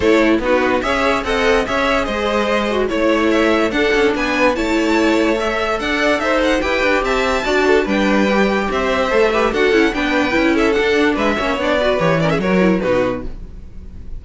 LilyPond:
<<
  \new Staff \with { instrumentName = "violin" } { \time 4/4 \tempo 4 = 145 cis''4 b'4 e''4 fis''4 | e''4 dis''2 cis''4 | e''4 fis''4 gis''4 a''4~ | a''4 e''4 fis''4 e''8 fis''8 |
g''4 a''2 g''4~ | g''4 e''2 fis''4 | g''4. e''8 fis''4 e''4 | d''4 cis''8 d''16 e''16 cis''4 b'4 | }
  \new Staff \with { instrumentName = "violin" } { \time 4/4 a'4 fis'4 cis''4 dis''4 | cis''4 c''2 cis''4~ | cis''4 a'4 b'4 cis''4~ | cis''2 d''4 c''4 |
b'4 e''4 d''8 a'8 b'4~ | b'4 c''4. b'8 a'4 | b'4. a'4. b'8 cis''8~ | cis''8 b'4 ais'16 gis'16 ais'4 fis'4 | }
  \new Staff \with { instrumentName = "viola" } { \time 4/4 e'4 dis'4 gis'4 a'4 | gis'2~ gis'8 fis'8 e'4~ | e'4 d'2 e'4~ | e'4 a'2. |
g'2 fis'4 d'4 | g'2 a'8 g'8 fis'8 e'8 | d'4 e'4 d'4. cis'8 | d'8 fis'8 g'8 cis'8 fis'8 e'8 dis'4 | }
  \new Staff \with { instrumentName = "cello" } { \time 4/4 a4 b4 cis'4 c'4 | cis'4 gis2 a4~ | a4 d'8 cis'8 b4 a4~ | a2 d'4 dis'4 |
e'8 d'8 c'4 d'4 g4~ | g4 c'4 a4 d'8 cis'8 | b4 cis'4 d'4 gis8 ais8 | b4 e4 fis4 b,4 | }
>>